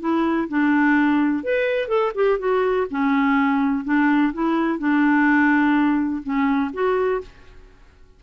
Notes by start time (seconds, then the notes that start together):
0.00 E4
0.48 D4
1.44 B4
1.88 A4
2.15 G4
2.39 F#4
2.90 C#4
3.85 D4
4.33 E4
4.79 D4
6.23 C#4
6.73 F#4